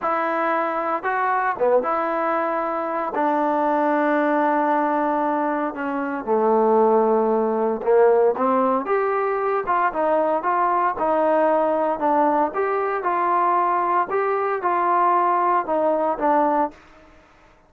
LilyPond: \new Staff \with { instrumentName = "trombone" } { \time 4/4 \tempo 4 = 115 e'2 fis'4 b8 e'8~ | e'2 d'2~ | d'2. cis'4 | a2. ais4 |
c'4 g'4. f'8 dis'4 | f'4 dis'2 d'4 | g'4 f'2 g'4 | f'2 dis'4 d'4 | }